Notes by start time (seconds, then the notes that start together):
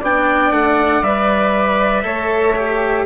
0.00 B3 D4 D5 G5
0.51 A3 F#5
1.03 G3 B4 E5
2.04 A3 A4 C#5
2.56 G4